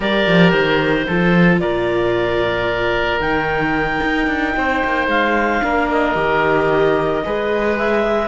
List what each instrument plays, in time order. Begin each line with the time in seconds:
0.00 cello G3, viola G4, oboe A#4, clarinet D5
0.27 cello F3
0.50 cello D#3, clarinet C5
1.06 cello F3, viola F4, oboe A4
1.59 cello A#2, oboe A#4, clarinet D5
3.19 cello D#3, viola D#4, clarinet G5
4.03 cello D#4
4.27 cello D4
4.56 cello C4, oboe C5
4.84 cello A#3
5.07 cello G#3, clarinet F5
5.62 cello A#3, viola D4, oboe A#4
5.91 clarinet D#5
6.14 cello D#3, viola G4
7.24 cello G#3, viola G#4, oboe B4
7.77 clarinet E5